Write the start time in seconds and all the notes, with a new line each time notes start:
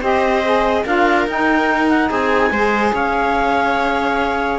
0.00 C4 G4 C5 D#5
0.44 G#4
0.84 D4 F4 A#4 F5
1.26 D#4 G5
1.89 F#5
2.09 C4 G#4 G#5
2.51 G#3 G#4 C5
2.93 C#4 C#5 F5